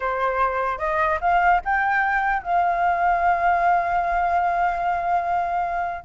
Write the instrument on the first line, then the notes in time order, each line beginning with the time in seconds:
flute
0.00 C5
0.78 D#5
1.21 F5
1.64 G5
2.43 F5